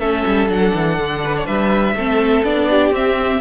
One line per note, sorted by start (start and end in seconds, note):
0.00 0.24 A3
0.00 0.49 C#4
0.00 1.23 A4
0.00 0.49 E5
0.27 0.49 G3
0.49 0.73 F#3
0.49 1.95 D4
0.49 1.47 F#5
0.75 0.99 E3
0.99 1.48 D3
1.25 1.37 B4
1.38 1.47 C#5
1.47 1.95 G3
1.47 1.95 B4
1.47 2.45 E5
1.95 2.43 A3
1.95 2.45 C4
1.95 2.70 A4
2.44 2.91 B3
2.44 2.94 D4
2.44 2.93 D5
2.70 3.42 G4
2.91 3.40 C4
2.91 3.42 C4
2.91 3.42 E5